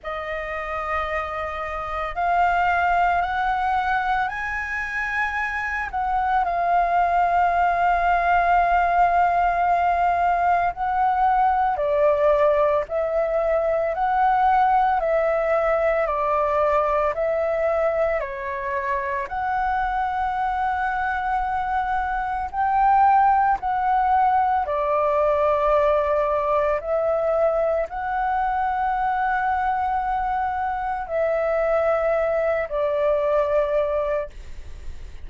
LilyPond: \new Staff \with { instrumentName = "flute" } { \time 4/4 \tempo 4 = 56 dis''2 f''4 fis''4 | gis''4. fis''8 f''2~ | f''2 fis''4 d''4 | e''4 fis''4 e''4 d''4 |
e''4 cis''4 fis''2~ | fis''4 g''4 fis''4 d''4~ | d''4 e''4 fis''2~ | fis''4 e''4. d''4. | }